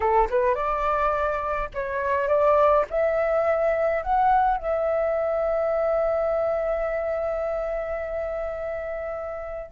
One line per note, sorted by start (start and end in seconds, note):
0.00 0.28 A4
0.30 0.55 B4
0.55 1.69 D5
1.74 2.28 C#5
2.28 2.85 D5
2.89 4.02 E5
4.02 4.57 F#5
4.57 9.71 E5